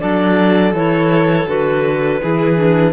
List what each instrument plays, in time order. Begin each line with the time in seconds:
0.00 cello F#3, clarinet D4 D5, violin A4
0.73 cello E3, clarinet E4 C#5
1.47 cello D3, clarinet F#4 B4
2.21 cello E3, clarinet E4, violin G#4
2.55 clarinet D4